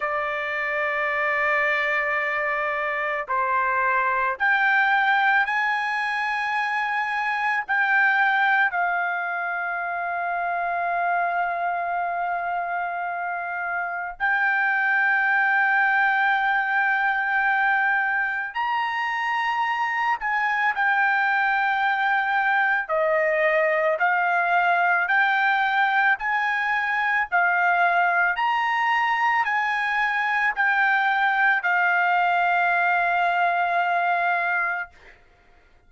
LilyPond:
\new Staff \with { instrumentName = "trumpet" } { \time 4/4 \tempo 4 = 55 d''2. c''4 | g''4 gis''2 g''4 | f''1~ | f''4 g''2.~ |
g''4 ais''4. gis''8 g''4~ | g''4 dis''4 f''4 g''4 | gis''4 f''4 ais''4 gis''4 | g''4 f''2. | }